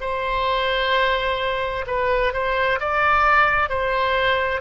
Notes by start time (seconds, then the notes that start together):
0.00 C5
1.87 B4
2.33 C5
2.80 D5
3.69 C5